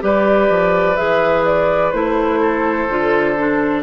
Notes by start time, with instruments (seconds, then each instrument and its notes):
0.00 bassoon G3, clarinet G4, oboe B4, flute D5
0.49 bassoon F3
0.96 bassoon E3, clarinet G#4, flute E5
1.45 flute D5
1.91 bassoon A3, clarinet E4, flute C5
2.40 oboe A4
2.89 bassoon D3, clarinet F4
3.38 clarinet D4